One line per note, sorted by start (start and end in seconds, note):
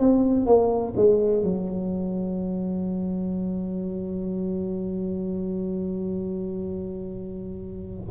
0.00 0.46 C4
0.46 0.94 A#3
0.96 1.43 G#3
1.43 8.10 F#3